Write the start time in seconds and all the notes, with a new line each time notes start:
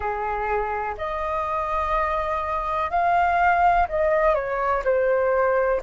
0.00 G#4
0.97 D#5
2.90 F5
3.88 D#5
4.34 C#5
4.84 C5